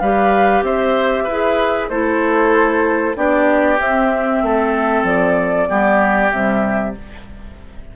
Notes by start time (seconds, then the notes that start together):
0.00 G3 G4 B4 F5
0.62 C4 C5 E5
1.24 E4 B4
1.31 G#4
1.89 A3 E4 A4 C5
3.15 B3 D4 G4 D5
3.80 C4 E5
4.43 A3 A4
5.04 F3 D5
5.68 G3 B3 G4
6.31 C3 G3 E5